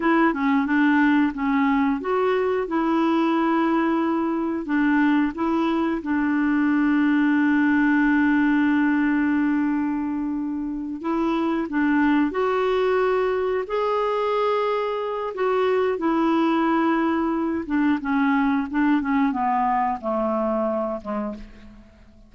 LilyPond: \new Staff \with { instrumentName = "clarinet" } { \time 4/4 \tempo 4 = 90 e'8 cis'8 d'4 cis'4 fis'4 | e'2. d'4 | e'4 d'2.~ | d'1~ |
d'8 e'4 d'4 fis'4.~ | fis'8 gis'2~ gis'8 fis'4 | e'2~ e'8 d'8 cis'4 | d'8 cis'8 b4 a4. gis8 | }